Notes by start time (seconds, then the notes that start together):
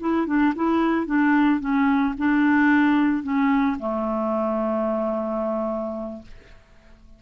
0.00 E4
0.27 D4
0.56 E4
1.06 D4
1.60 C#4
2.18 D4
3.23 C#4
3.79 A3